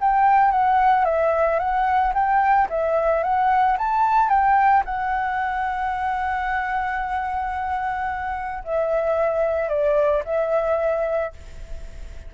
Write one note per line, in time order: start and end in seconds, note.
0.00 0.51 G5
0.51 1.05 F#5
1.05 1.59 E5
1.59 2.13 F#5
2.14 2.68 G5
2.69 3.23 E5
3.23 3.77 F#5
3.78 4.29 A5
4.29 4.83 G5
4.85 8.63 F#5
8.64 9.68 E5
9.68 10.22 D5
10.24 11.32 E5